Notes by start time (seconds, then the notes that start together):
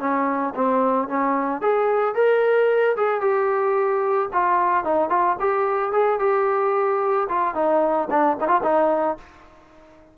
0.00 C#4
0.55 C4
1.09 C#4
1.62 G#4
2.15 A#4
2.97 G#4
3.21 G4
4.33 F4
4.85 D#4
5.10 F4
5.40 G4
5.93 G#4
6.20 G4
7.29 F4
7.55 D#4
8.11 D4
8.41 D#4
8.48 F4
8.63 D#4